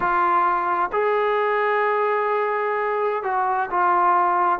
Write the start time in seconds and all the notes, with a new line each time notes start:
0.00 F4
0.92 G#4
3.23 F#4
3.70 F4